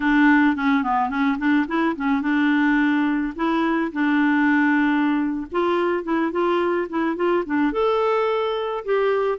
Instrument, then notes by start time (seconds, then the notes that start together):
clarinet
0.00 D4
0.56 C#4
0.83 B3
1.09 C#4
1.38 D4
1.67 E4
1.96 C#4
2.21 D4
3.35 E4
3.92 D4
5.51 F4
6.03 E4
6.31 F4
6.89 E4
7.16 F4
7.45 D4
7.72 A4
8.84 G4